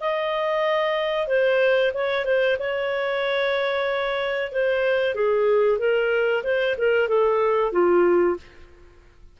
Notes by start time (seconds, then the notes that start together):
0.00 D#5
1.27 C5
1.94 C#5
2.25 C5
2.59 C#5
4.52 C5
5.15 G#4
5.79 A#4
6.43 C5
6.78 A#4
7.08 A4
7.72 F4